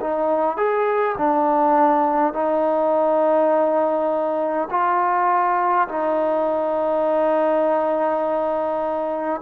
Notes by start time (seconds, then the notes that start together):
0.00 D#4
0.57 G#4
1.18 D4
2.33 D#4
4.70 F4
5.88 D#4